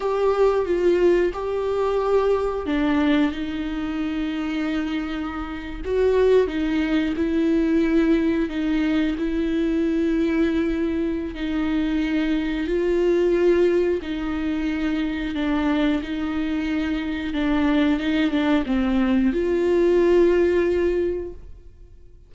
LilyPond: \new Staff \with { instrumentName = "viola" } { \time 4/4 \tempo 4 = 90 g'4 f'4 g'2 | d'4 dis'2.~ | dis'8. fis'4 dis'4 e'4~ e'16~ | e'8. dis'4 e'2~ e'16~ |
e'4 dis'2 f'4~ | f'4 dis'2 d'4 | dis'2 d'4 dis'8 d'8 | c'4 f'2. | }